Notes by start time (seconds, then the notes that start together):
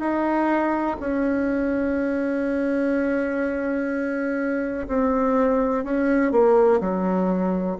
0.00 D#4
1.00 C#4
4.88 C4
5.85 C#4
6.32 A#3
6.81 F#3